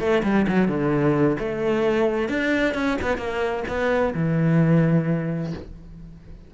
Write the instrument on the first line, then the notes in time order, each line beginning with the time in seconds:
cello
0.00 A3
0.23 G3
0.49 F#3
0.68 D3
1.40 A3
2.29 D4
2.75 C#4
3.02 B3
3.18 A#3
3.68 B3
4.15 E3